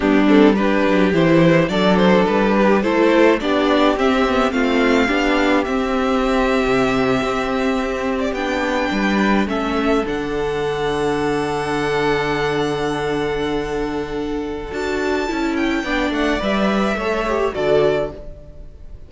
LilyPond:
<<
  \new Staff \with { instrumentName = "violin" } { \time 4/4 \tempo 4 = 106 g'8 a'8 b'4 c''4 d''8 c''8 | b'4 c''4 d''4 e''4 | f''2 e''2~ | e''2~ e''8 d''16 g''4~ g''16~ |
g''8. e''4 fis''2~ fis''16~ | fis''1~ | fis''2 a''4. g''8~ | g''8 fis''8 e''2 d''4 | }
  \new Staff \with { instrumentName = "violin" } { \time 4/4 d'4 g'2 a'4~ | a'8 g'8 a'4 g'2 | f'4 g'2.~ | g'2.~ g'8. b'16~ |
b'8. a'2.~ a'16~ | a'1~ | a'1 | d''2 cis''4 a'4 | }
  \new Staff \with { instrumentName = "viola" } { \time 4/4 b8 c'8 d'4 e'4 d'4~ | d'4 e'4 d'4 c'8 b8 | c'4 d'4 c'2~ | c'2~ c'8. d'4~ d'16~ |
d'8. cis'4 d'2~ d'16~ | d'1~ | d'2 fis'4 e'4 | d'4 b'4 a'8 g'8 fis'4 | }
  \new Staff \with { instrumentName = "cello" } { \time 4/4 g4. fis8 e4 fis4 | g4 a4 b4 c'4 | a4 b4 c'4.~ c'16 c16~ | c8. c'2 b4 g16~ |
g8. a4 d2~ d16~ | d1~ | d2 d'4 cis'4 | b8 a8 g4 a4 d4 | }
>>